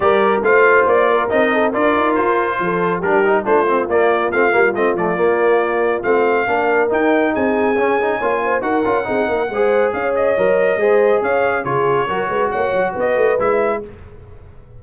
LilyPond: <<
  \new Staff \with { instrumentName = "trumpet" } { \time 4/4 \tempo 4 = 139 d''4 f''4 d''4 dis''4 | d''4 c''2 ais'4 | c''4 d''4 f''4 dis''8 d''8~ | d''2 f''2 |
g''4 gis''2. | fis''2. f''8 dis''8~ | dis''2 f''4 cis''4~ | cis''4 fis''4 dis''4 e''4 | }
  \new Staff \with { instrumentName = "horn" } { \time 4/4 ais'4 c''4. ais'4 a'8 | ais'2 a'4 g'4 | f'1~ | f'2. ais'4~ |
ais'4 gis'2 cis''8 c''8 | ais'4 gis'8 ais'8 c''4 cis''4~ | cis''4 c''4 cis''4 gis'4 | ais'8 b'8 cis''4 b'2 | }
  \new Staff \with { instrumentName = "trombone" } { \time 4/4 g'4 f'2 dis'4 | f'2. d'8 dis'8 | d'8 c'8 ais4 c'8 ais8 c'8 a8 | ais2 c'4 d'4 |
dis'2 cis'8 dis'8 f'4 | fis'8 f'8 dis'4 gis'2 | ais'4 gis'2 f'4 | fis'2. e'4 | }
  \new Staff \with { instrumentName = "tuba" } { \time 4/4 g4 a4 ais4 c'4 | d'8 dis'8 f'4 f4 g4 | a4 ais4 a8 g8 a8 f8 | ais2 a4 ais4 |
dis'4 c'4 cis'4 ais4 | dis'8 cis'8 c'8 ais8 gis4 cis'4 | fis4 gis4 cis'4 cis4 | fis8 gis8 ais8 fis8 b8 a8 gis4 | }
>>